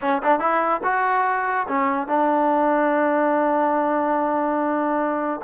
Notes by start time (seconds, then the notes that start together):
0.01 C#4
0.22 D4
0.39 E4
0.83 F#4
1.67 C#4
2.07 D4